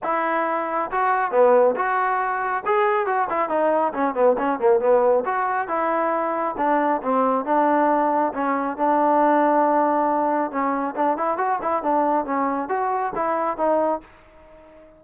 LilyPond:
\new Staff \with { instrumentName = "trombone" } { \time 4/4 \tempo 4 = 137 e'2 fis'4 b4 | fis'2 gis'4 fis'8 e'8 | dis'4 cis'8 b8 cis'8 ais8 b4 | fis'4 e'2 d'4 |
c'4 d'2 cis'4 | d'1 | cis'4 d'8 e'8 fis'8 e'8 d'4 | cis'4 fis'4 e'4 dis'4 | }